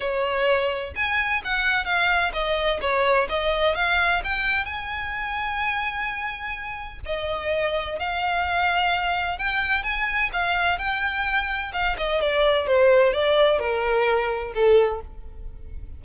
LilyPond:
\new Staff \with { instrumentName = "violin" } { \time 4/4 \tempo 4 = 128 cis''2 gis''4 fis''4 | f''4 dis''4 cis''4 dis''4 | f''4 g''4 gis''2~ | gis''2. dis''4~ |
dis''4 f''2. | g''4 gis''4 f''4 g''4~ | g''4 f''8 dis''8 d''4 c''4 | d''4 ais'2 a'4 | }